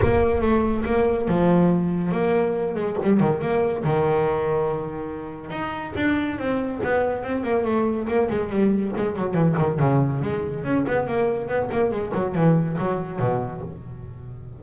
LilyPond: \new Staff \with { instrumentName = "double bass" } { \time 4/4 \tempo 4 = 141 ais4 a4 ais4 f4~ | f4 ais4. gis8 g8 dis8 | ais4 dis2.~ | dis4 dis'4 d'4 c'4 |
b4 c'8 ais8 a4 ais8 gis8 | g4 gis8 fis8 e8 dis8 cis4 | gis4 cis'8 b8 ais4 b8 ais8 | gis8 fis8 e4 fis4 b,4 | }